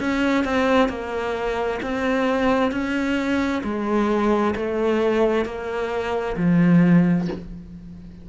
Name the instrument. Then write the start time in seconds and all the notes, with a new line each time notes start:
cello
0.00 C#4
0.45 C4
0.89 A#3
1.83 C4
2.71 C#4
3.64 G#3
4.56 A3
5.45 A#3
6.37 F3